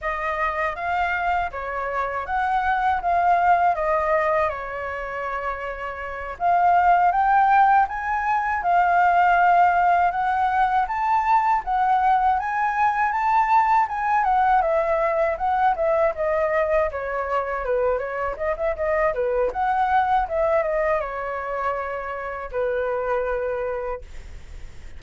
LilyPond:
\new Staff \with { instrumentName = "flute" } { \time 4/4 \tempo 4 = 80 dis''4 f''4 cis''4 fis''4 | f''4 dis''4 cis''2~ | cis''8 f''4 g''4 gis''4 f''8~ | f''4. fis''4 a''4 fis''8~ |
fis''8 gis''4 a''4 gis''8 fis''8 e''8~ | e''8 fis''8 e''8 dis''4 cis''4 b'8 | cis''8 dis''16 e''16 dis''8 b'8 fis''4 e''8 dis''8 | cis''2 b'2 | }